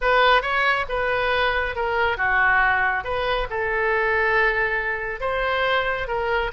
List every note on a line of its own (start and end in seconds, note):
0.01 0.42 B4
0.42 0.85 C#5
0.88 1.75 B4
1.75 2.17 A#4
2.17 3.04 F#4
3.04 3.47 B4
3.49 5.20 A4
5.20 6.07 C5
6.07 6.51 A#4